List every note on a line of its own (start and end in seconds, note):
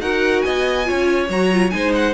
0.00 0.43 D#4
0.00 0.84 F#4
0.00 0.45 A#4
0.00 0.41 F#5
0.41 0.89 B3
0.41 0.87 D#5
0.41 1.28 G#5
0.84 1.28 F4
0.84 1.74 C#5
0.91 1.29 C#4
1.29 1.72 F#3
1.29 1.53 F#4
1.29 1.70 A#5
1.53 1.71 F4
1.70 2.14 G#3
1.70 2.14 D#4
1.70 2.14 C5
1.70 1.92 G#5
1.95 2.14 F#5